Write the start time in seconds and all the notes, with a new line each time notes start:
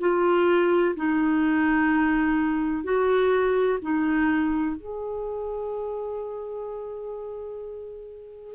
0.00 F4
0.97 D#4
2.84 F#4
3.82 D#4
4.77 G#4